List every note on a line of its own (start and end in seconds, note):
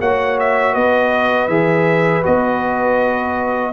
0.00 0.74 A#3
0.00 1.50 F#4
0.00 0.74 C#5
0.00 0.39 F#5
0.40 0.74 E5
0.74 1.48 B3
0.74 3.73 B4
0.74 1.48 D#5
1.48 2.23 E3
1.48 2.23 G#4
1.48 2.23 E5
2.23 3.73 B3
2.23 3.73 F#4
2.23 3.73 D#5